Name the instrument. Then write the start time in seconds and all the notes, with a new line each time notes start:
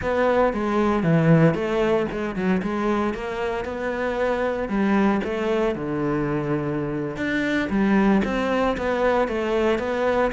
cello
0.02 B3
0.53 G#3
1.03 E3
1.54 A3
2.11 G#3
2.35 F#3
2.62 G#3
3.14 A#3
3.65 B3
4.68 G3
5.24 A3
5.75 D3
7.16 D4
7.69 G3
8.24 C4
8.77 B3
9.28 A3
9.78 B3